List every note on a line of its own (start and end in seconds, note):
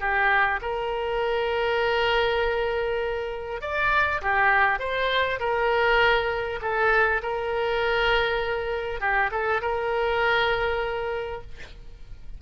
0.00 0.60 G4
0.62 3.61 A#4
3.61 4.21 D5
4.22 4.79 G4
4.79 5.39 C5
5.40 6.60 A#4
6.62 7.22 A4
7.22 9.01 A#4
9.01 9.31 G4
9.31 9.61 A4
9.62 11.42 A#4